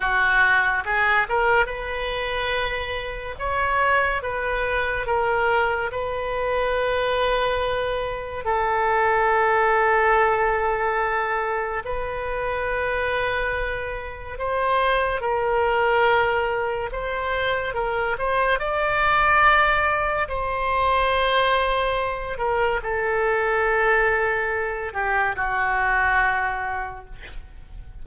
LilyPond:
\new Staff \with { instrumentName = "oboe" } { \time 4/4 \tempo 4 = 71 fis'4 gis'8 ais'8 b'2 | cis''4 b'4 ais'4 b'4~ | b'2 a'2~ | a'2 b'2~ |
b'4 c''4 ais'2 | c''4 ais'8 c''8 d''2 | c''2~ c''8 ais'8 a'4~ | a'4. g'8 fis'2 | }